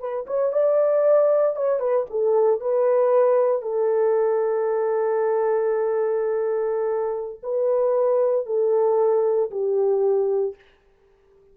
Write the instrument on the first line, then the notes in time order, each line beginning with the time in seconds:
horn
0.00 B4
0.27 C#5
0.53 D5
1.56 C#5
1.80 B4
2.10 A4
2.61 B4
3.62 A4
7.43 B4
8.46 A4
9.51 G4